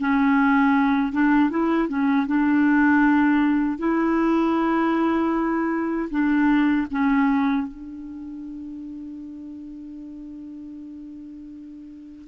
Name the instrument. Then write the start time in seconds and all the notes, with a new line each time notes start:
clarinet
0.00 C#4
1.12 D4
1.50 E4
1.88 C#4
2.27 D4
3.78 E4
6.10 D4
6.91 C#4
7.68 D4